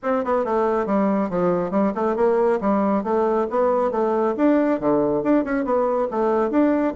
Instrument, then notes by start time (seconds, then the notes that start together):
bassoon
0.02 C4
0.24 B3
0.44 A3
0.86 G3
1.29 F3
1.71 G3
1.94 A3
2.16 A#3
2.60 G3
3.03 A3
3.50 B3
3.91 A3
4.36 D4
4.80 D3
5.23 D4
5.44 C#4
5.64 B3
6.10 A3
6.50 D4